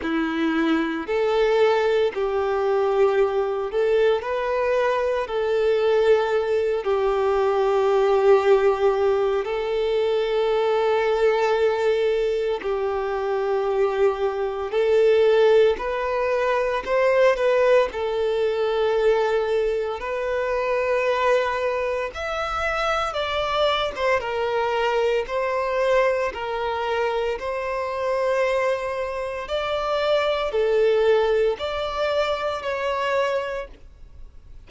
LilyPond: \new Staff \with { instrumentName = "violin" } { \time 4/4 \tempo 4 = 57 e'4 a'4 g'4. a'8 | b'4 a'4. g'4.~ | g'4 a'2. | g'2 a'4 b'4 |
c''8 b'8 a'2 b'4~ | b'4 e''4 d''8. c''16 ais'4 | c''4 ais'4 c''2 | d''4 a'4 d''4 cis''4 | }